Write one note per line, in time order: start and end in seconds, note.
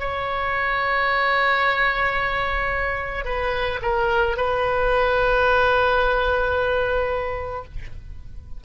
0.00 3.25 C#5
3.25 3.80 B4
3.82 4.37 A#4
4.37 7.65 B4